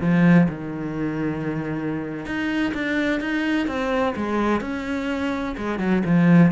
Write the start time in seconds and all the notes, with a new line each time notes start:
0.00 F3
0.48 D#3
2.25 D#4
2.74 D4
3.20 D#4
3.67 C4
4.16 G#3
4.61 C#4
5.57 G#3
5.79 F#3
6.05 F3